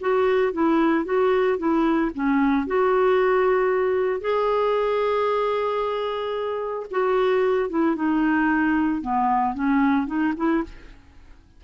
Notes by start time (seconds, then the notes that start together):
0.00 F#4
0.53 E4
1.05 F#4
1.58 E4
2.14 C#4
2.66 F#4
4.20 G#4
6.91 F#4
7.69 E4
7.95 D#4
9.01 B3
9.54 C#4
10.06 D#4
10.37 E4